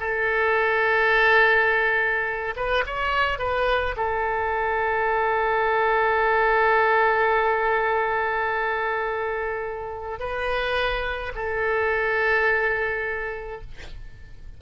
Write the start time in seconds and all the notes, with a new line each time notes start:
0.00 A4
2.56 B4
2.86 C#5
3.39 B4
3.96 A4
10.19 B4
11.35 A4